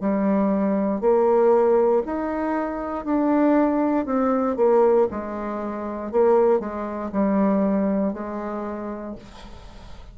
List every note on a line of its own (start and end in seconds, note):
0.00 1.01 G3
1.01 2.02 A#3
2.05 3.04 D#4
3.04 4.05 D4
4.05 4.56 C4
4.56 5.07 A#3
5.10 6.12 G#3
6.12 6.60 A#3
6.60 7.10 G#3
7.12 8.13 G3
8.13 9.15 G#3